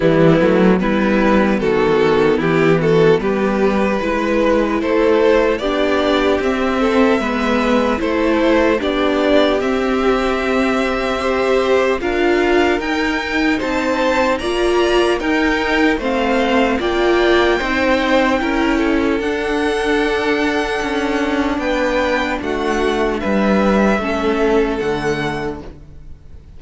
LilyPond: <<
  \new Staff \with { instrumentName = "violin" } { \time 4/4 \tempo 4 = 75 e'4 b'4 a'4 g'8 a'8 | b'2 c''4 d''4 | e''2 c''4 d''4 | e''2. f''4 |
g''4 a''4 ais''4 g''4 | f''4 g''2. | fis''2. g''4 | fis''4 e''2 fis''4 | }
  \new Staff \with { instrumentName = "violin" } { \time 4/4 b4 e'4 fis'4 e'8 fis'8 | g'4 b'4 a'4 g'4~ | g'8 a'8 b'4 a'4 g'4~ | g'2 c''4 ais'4~ |
ais'4 c''4 d''4 ais'4 | c''4 d''4 c''4 ais'8 a'8~ | a'2. b'4 | fis'4 b'4 a'2 | }
  \new Staff \with { instrumentName = "viola" } { \time 4/4 g8 a8 b2.~ | b4 e'2 d'4 | c'4 b4 e'4 d'4 | c'2 g'4 f'4 |
dis'2 f'4 dis'4 | c'4 f'4 dis'4 e'4 | d'1~ | d'2 cis'4 a4 | }
  \new Staff \with { instrumentName = "cello" } { \time 4/4 e8 fis8 g4 dis4 e4 | g4 gis4 a4 b4 | c'4 gis4 a4 b4 | c'2. d'4 |
dis'4 c'4 ais4 dis'4 | a4 ais4 c'4 cis'4 | d'2 cis'4 b4 | a4 g4 a4 d4 | }
>>